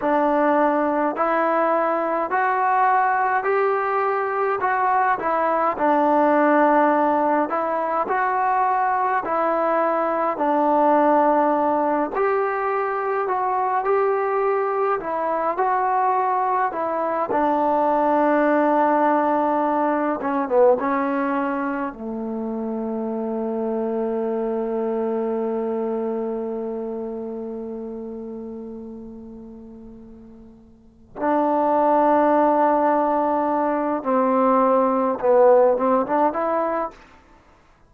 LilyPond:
\new Staff \with { instrumentName = "trombone" } { \time 4/4 \tempo 4 = 52 d'4 e'4 fis'4 g'4 | fis'8 e'8 d'4. e'8 fis'4 | e'4 d'4. g'4 fis'8 | g'4 e'8 fis'4 e'8 d'4~ |
d'4. cis'16 b16 cis'4 a4~ | a1~ | a2. d'4~ | d'4. c'4 b8 c'16 d'16 e'8 | }